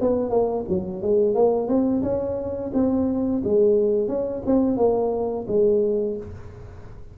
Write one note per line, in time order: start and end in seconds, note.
0.00 0.30 B3
0.30 0.64 A#3
0.68 1.02 F#3
1.02 1.34 G#3
1.34 1.67 A#3
1.67 2.02 C4
2.02 2.71 C#4
2.73 3.42 C4
3.44 4.08 G#3
4.08 4.42 C#4
4.45 4.76 C4
4.76 5.45 A#3
5.47 6.16 G#3